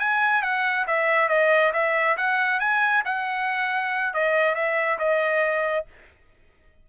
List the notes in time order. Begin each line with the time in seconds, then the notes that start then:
0.00 G#5
0.43 F#5
0.88 E5
1.29 D#5
1.73 E5
2.18 F#5
2.60 G#5
3.06 F#5
4.14 D#5
4.55 E5
4.99 D#5